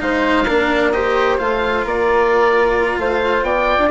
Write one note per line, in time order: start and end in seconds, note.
0.00 0.47 G#3
0.00 0.46 D#4
0.00 0.45 C5
0.00 0.92 F5
0.45 1.40 A#3
0.45 0.93 D4
0.45 0.91 A#4
0.92 1.38 G4
0.92 1.85 C5
0.92 1.38 D#5
1.38 1.85 A3
1.38 3.90 F4
1.38 1.84 F5
1.85 2.97 A#3
1.85 2.99 A#4
1.85 2.99 D5
2.97 3.42 A3
2.97 3.46 C5
2.97 3.44 F5
3.42 3.77 B3
3.42 3.91 D5
3.42 3.90 G5
3.79 3.90 D4